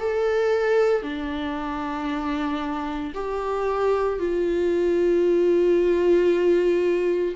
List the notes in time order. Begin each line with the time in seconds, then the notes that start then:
0.00 A4
1.03 D4
3.15 G4
4.20 F4